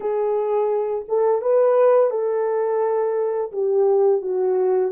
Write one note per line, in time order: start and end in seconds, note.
0.00 1.05 G#4
1.08 1.41 A4
1.41 2.10 B4
2.10 3.51 A4
3.52 4.21 G4
4.21 4.91 F#4